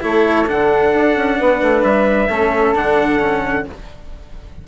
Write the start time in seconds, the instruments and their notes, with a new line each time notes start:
0.00 bassoon A3, cello E4, flute A4, trumpet C#5
0.46 bassoon D3, cello D4, trumpet F#5
0.94 bassoon D4
1.15 bassoon C#4
1.38 bassoon B3, flute B4
1.61 bassoon A3
1.83 bassoon G3, trumpet E5
2.29 bassoon A3, cello C#4, flute A4
2.74 bassoon D3, cello D4, trumpet F#5
3.20 cello C#4